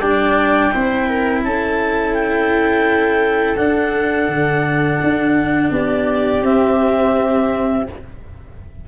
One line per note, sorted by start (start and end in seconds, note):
0.00 0.73 G3
0.00 0.71 D4
0.00 0.72 D5
0.00 1.43 G5
0.71 1.44 C4
0.71 3.57 E4
0.71 1.08 C5
1.08 1.44 A#4
1.44 3.59 C#4
1.44 5.73 A4
1.44 2.14 A5
2.14 3.57 G5
3.57 6.43 D4
3.57 4.28 D4
3.57 5.71 F#5
4.28 5.00 D3
5.03 5.71 D4
5.71 6.42 B3
5.71 7.87 G4
5.71 6.45 D5
6.42 7.85 C4
6.42 7.89 C4
6.42 7.88 E5